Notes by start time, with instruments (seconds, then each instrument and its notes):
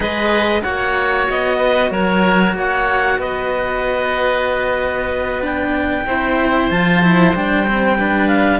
0.00 cello G#3 G#4, oboe B4, clarinet D#5
0.62 cello A#3 F#4, oboe C#5, clarinet F#5
1.30 cello B3, clarinet D#5
1.57 oboe B4
1.91 cello F#3, oboe A#4, clarinet C#5
2.53 cello A#3, oboe C#5, clarinet F#5
3.17 cello B3, oboe B4, clarinet D#5
5.41 cello D4, clarinet G5
6.06 cello C4 E4, oboe C5
6.70 cello F3 F4, clarinet A5
7.02 cello E4
7.34 cello G3 D4, clarinet G5
7.67 cello C4
7.98 cello D4, oboe B4
8.27 clarinet F5